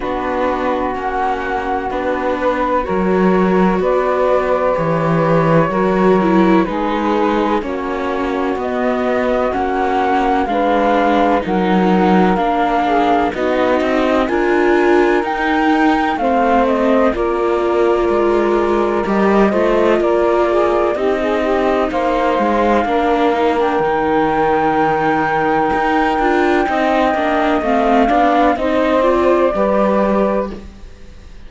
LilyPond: <<
  \new Staff \with { instrumentName = "flute" } { \time 4/4 \tempo 4 = 63 b'4 fis''4 b'4 cis''4 | d''4 cis''2 b'4 | cis''4 dis''4 fis''4 f''4 | fis''4 f''4 dis''4 gis''4 |
g''4 f''8 dis''8 d''2 | dis''4 d''4 dis''4 f''4~ | f''8. g''2.~ g''16~ | g''4 f''4 dis''8 d''4. | }
  \new Staff \with { instrumentName = "saxophone" } { \time 4/4 fis'2~ fis'8 b'8 ais'4 | b'2 ais'4 gis'4 | fis'2. b'4 | ais'4. gis'8 fis'4 ais'4~ |
ais'4 c''4 ais'2~ | ais'8 c''8 ais'8 gis'8 g'16 gis'16 g'8 c''4 | ais'1 | dis''4. d''8 c''4 b'4 | }
  \new Staff \with { instrumentName = "viola" } { \time 4/4 d'4 cis'4 d'4 fis'4~ | fis'4 g'4 fis'8 e'8 dis'4 | cis'4 b4 cis'4 d'4 | dis'4 d'4 dis'4 f'4 |
dis'4 c'4 f'2 | g'8 f'4. dis'2 | d'8 dis'16 d'16 dis'2~ dis'8 f'8 | dis'8 d'8 c'8 d'8 dis'8 f'8 g'4 | }
  \new Staff \with { instrumentName = "cello" } { \time 4/4 b4 ais4 b4 fis4 | b4 e4 fis4 gis4 | ais4 b4 ais4 gis4 | fis4 ais4 b8 c'8 d'4 |
dis'4 a4 ais4 gis4 | g8 a8 ais4 c'4 ais8 gis8 | ais4 dis2 dis'8 d'8 | c'8 ais8 a8 b8 c'4 g4 | }
>>